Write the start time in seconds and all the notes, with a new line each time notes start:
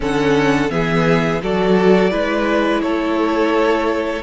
0.00 D3 C#4 A4 F#5
0.69 E3 B3 G#4 E5
1.42 F#3 F#4 A4 D5
2.10 G#3 E4 B4
2.81 A3 A4 C#5